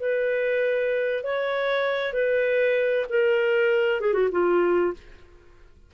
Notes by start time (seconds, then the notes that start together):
0.00 B4
1.23 C#5
2.13 B4
3.09 A#4
4.01 G#4
4.13 F#4
4.32 F4